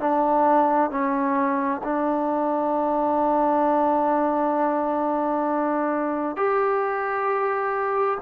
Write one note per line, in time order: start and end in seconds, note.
0.00 0.90 D4
0.90 1.81 C#4
1.83 6.36 D4
6.36 8.18 G4